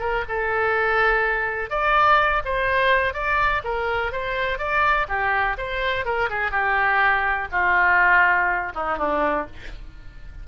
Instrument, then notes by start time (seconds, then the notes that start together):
oboe
0.00 A#4
0.29 A4
1.70 D5
2.45 C5
3.14 D5
3.64 A#4
4.12 C5
4.59 D5
5.09 G4
5.58 C5
6.05 A#4
6.30 G#4
6.51 G4
7.52 F4
8.75 D#4
8.98 D4